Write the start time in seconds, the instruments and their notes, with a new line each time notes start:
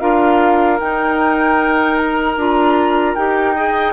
0.00 bassoon D4, clarinet F4, oboe A#4, flute F5
0.79 clarinet D#4, bassoon D#4, flute G5
1.97 flute A#5
2.37 bassoon D4, clarinet F4
3.15 bassoon D#4, clarinet G4, flute G5
3.55 clarinet G#4, oboe D#5